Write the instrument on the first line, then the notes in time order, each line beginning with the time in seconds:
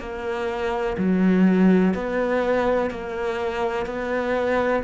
cello
0.00 A#3
0.98 F#3
1.94 B3
2.91 A#3
3.86 B3